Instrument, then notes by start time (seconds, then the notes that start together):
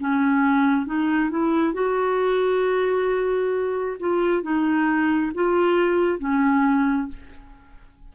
clarinet
0.00 C#4
0.86 D#4
1.30 E4
1.73 F#4
4.00 F4
4.43 D#4
5.34 F4
6.19 C#4